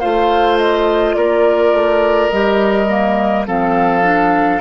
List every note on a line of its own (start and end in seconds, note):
0.00 1.16 A3
0.00 2.32 F4
0.00 1.16 C5
0.00 0.58 F5
0.58 1.15 D#5
1.15 1.73 A#3
1.15 3.47 A#4
1.15 2.30 D5
1.73 2.31 A3
2.30 3.47 G3
2.30 2.87 G4
2.30 3.45 D#5
2.87 3.45 A#3
3.47 4.61 F3
3.47 4.02 C4
3.47 4.61 A4
3.47 4.61 F5
4.02 4.60 D4